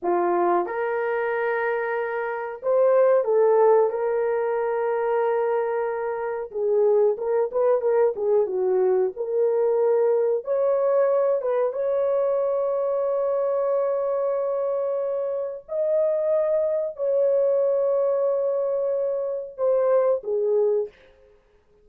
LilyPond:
\new Staff \with { instrumentName = "horn" } { \time 4/4 \tempo 4 = 92 f'4 ais'2. | c''4 a'4 ais'2~ | ais'2 gis'4 ais'8 b'8 | ais'8 gis'8 fis'4 ais'2 |
cis''4. b'8 cis''2~ | cis''1 | dis''2 cis''2~ | cis''2 c''4 gis'4 | }